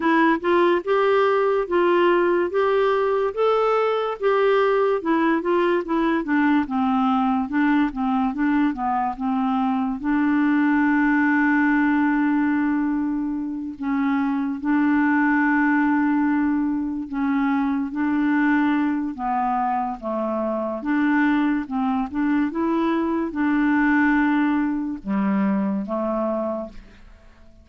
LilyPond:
\new Staff \with { instrumentName = "clarinet" } { \time 4/4 \tempo 4 = 72 e'8 f'8 g'4 f'4 g'4 | a'4 g'4 e'8 f'8 e'8 d'8 | c'4 d'8 c'8 d'8 b8 c'4 | d'1~ |
d'8 cis'4 d'2~ d'8~ | d'8 cis'4 d'4. b4 | a4 d'4 c'8 d'8 e'4 | d'2 g4 a4 | }